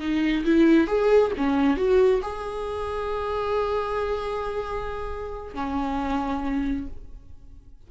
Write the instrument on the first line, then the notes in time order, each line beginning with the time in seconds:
viola
0.00 D#4
0.45 E4
0.87 G#4
1.37 C#4
1.77 F#4
2.22 G#4
5.54 C#4